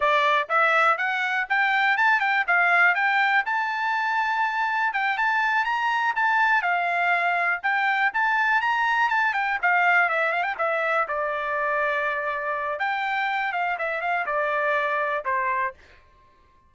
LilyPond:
\new Staff \with { instrumentName = "trumpet" } { \time 4/4 \tempo 4 = 122 d''4 e''4 fis''4 g''4 | a''8 g''8 f''4 g''4 a''4~ | a''2 g''8 a''4 ais''8~ | ais''8 a''4 f''2 g''8~ |
g''8 a''4 ais''4 a''8 g''8 f''8~ | f''8 e''8 f''16 g''16 e''4 d''4.~ | d''2 g''4. f''8 | e''8 f''8 d''2 c''4 | }